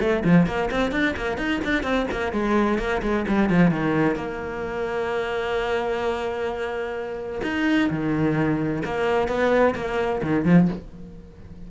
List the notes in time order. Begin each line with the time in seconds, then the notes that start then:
0.00 A3
0.25 F3
0.47 A#3
0.71 C4
0.92 D4
1.16 A#3
1.38 D#4
1.64 D4
1.83 C4
2.11 A#3
2.33 G#3
2.79 A#3
3.02 G#3
3.28 G3
3.50 F3
3.71 D#3
4.16 A#3
7.43 D#4
7.90 D#3
8.85 A#3
9.28 B3
9.75 A#3
10.23 D#3
10.45 F3